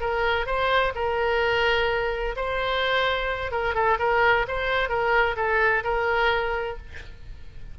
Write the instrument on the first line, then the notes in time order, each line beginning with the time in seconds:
oboe
0.00 A#4
0.46 C5
0.95 A#4
2.36 C5
3.51 A#4
3.74 A4
3.99 A#4
4.47 C5
4.89 A#4
5.36 A4
5.83 A#4